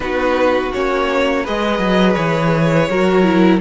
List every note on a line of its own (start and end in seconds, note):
0.00 0.71 B3
0.00 0.72 D#4
0.00 1.43 F#4
0.00 0.72 B4
0.73 1.47 A#3
0.73 1.45 C#4
0.73 1.45 C#5
1.43 1.78 G#3
1.43 2.89 G#4
1.43 2.88 B4
1.43 2.14 D#5
1.78 2.14 F#3
2.14 2.89 E3
2.14 3.58 C#5
2.89 3.60 F#3
2.89 3.23 F#4
2.89 3.60 A#4
3.23 3.59 E4